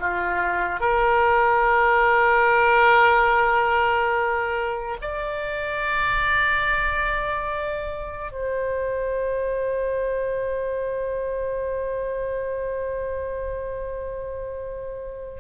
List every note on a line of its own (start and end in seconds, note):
0.00 0.80 F4
0.80 4.97 A#4
5.02 8.32 D5
8.32 15.40 C5